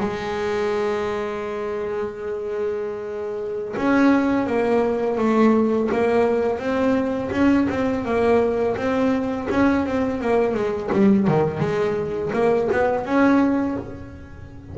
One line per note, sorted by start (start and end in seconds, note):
0.00 3.75 G#3
3.76 4.46 C#4
4.46 5.18 A#3
5.18 5.89 A3
5.92 6.59 A#3
6.59 7.30 C4
7.31 7.67 C#4
7.69 8.05 C4
8.05 8.76 A#3
8.76 9.48 C4
9.50 9.86 C#4
9.86 10.21 C4
10.21 10.54 A#3
10.54 10.90 G#3
10.92 11.27 G3
11.27 11.59 D#3
11.59 12.31 G#3
12.33 12.69 A#3
12.71 13.06 B3
13.06 13.77 C#4